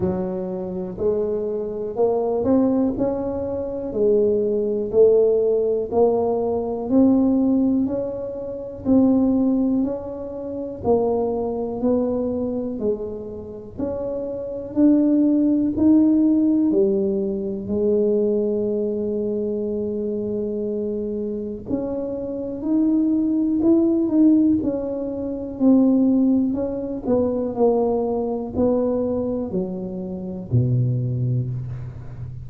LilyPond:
\new Staff \with { instrumentName = "tuba" } { \time 4/4 \tempo 4 = 61 fis4 gis4 ais8 c'8 cis'4 | gis4 a4 ais4 c'4 | cis'4 c'4 cis'4 ais4 | b4 gis4 cis'4 d'4 |
dis'4 g4 gis2~ | gis2 cis'4 dis'4 | e'8 dis'8 cis'4 c'4 cis'8 b8 | ais4 b4 fis4 b,4 | }